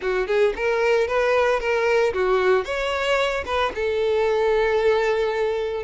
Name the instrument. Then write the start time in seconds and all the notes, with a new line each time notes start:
violin
0.01 F#4
0.27 G#4
0.56 A#4
1.07 B4
1.60 A#4
2.13 F#4
2.64 C#5
3.45 B4
3.75 A4